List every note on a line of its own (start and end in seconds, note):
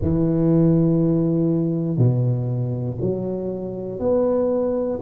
0.01 1.97 E3
1.97 2.97 B2
3.00 3.99 F#3
3.99 4.99 B3